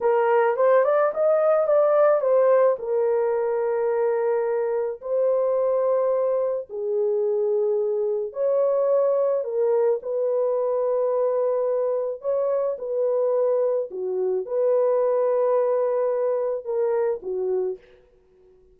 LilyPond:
\new Staff \with { instrumentName = "horn" } { \time 4/4 \tempo 4 = 108 ais'4 c''8 d''8 dis''4 d''4 | c''4 ais'2.~ | ais'4 c''2. | gis'2. cis''4~ |
cis''4 ais'4 b'2~ | b'2 cis''4 b'4~ | b'4 fis'4 b'2~ | b'2 ais'4 fis'4 | }